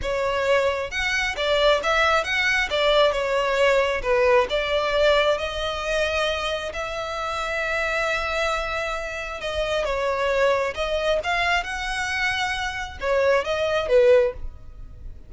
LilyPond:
\new Staff \with { instrumentName = "violin" } { \time 4/4 \tempo 4 = 134 cis''2 fis''4 d''4 | e''4 fis''4 d''4 cis''4~ | cis''4 b'4 d''2 | dis''2. e''4~ |
e''1~ | e''4 dis''4 cis''2 | dis''4 f''4 fis''2~ | fis''4 cis''4 dis''4 b'4 | }